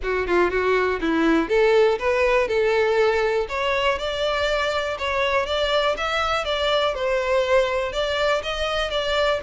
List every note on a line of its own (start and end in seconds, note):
0.02 0.27 F#4
0.27 0.50 F4
0.50 0.99 F#4
1.01 1.49 E4
1.49 1.98 A4
1.98 2.48 B4
2.48 3.47 A4
3.48 3.98 C#5
3.98 4.97 D5
4.98 5.46 C#5
5.46 5.95 D5
5.97 6.44 E5
6.44 6.94 D5
6.94 7.92 C5
7.92 8.42 D5
8.42 8.90 D#5
8.90 9.40 D5